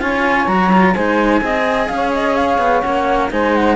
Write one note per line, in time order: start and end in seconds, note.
0.00 0.47 C#4
0.00 0.47 F4
0.00 0.94 C#5
0.00 0.47 G#5
0.47 0.95 F#3
0.47 0.72 F#4
0.47 0.95 A#5
0.73 0.96 F4
0.94 1.41 G#3
0.94 1.41 D#4
0.94 1.42 C5
0.94 1.88 G#5
1.41 1.89 C4
1.41 2.83 G#4
1.41 1.91 D#5
1.88 2.58 C#4
1.88 2.12 F5
1.95 3.31 C#5
2.13 2.36 D#5
2.36 2.81 F5
2.58 2.82 B3
2.81 3.32 A#3
2.81 3.30 C#4
2.81 3.28 F#5
3.31 3.76 G#3
3.31 3.76 D#4
3.31 3.76 C5
3.31 3.55 G#5
3.55 3.76 F#5